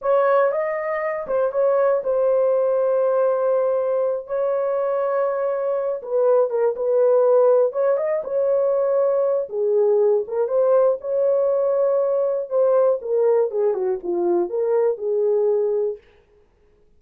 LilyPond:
\new Staff \with { instrumentName = "horn" } { \time 4/4 \tempo 4 = 120 cis''4 dis''4. c''8 cis''4 | c''1~ | c''8 cis''2.~ cis''8 | b'4 ais'8 b'2 cis''8 |
dis''8 cis''2~ cis''8 gis'4~ | gis'8 ais'8 c''4 cis''2~ | cis''4 c''4 ais'4 gis'8 fis'8 | f'4 ais'4 gis'2 | }